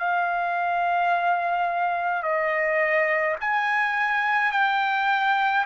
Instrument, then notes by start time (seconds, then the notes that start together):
trumpet
0.00 F5
2.23 D#5
3.41 G#5
4.52 G5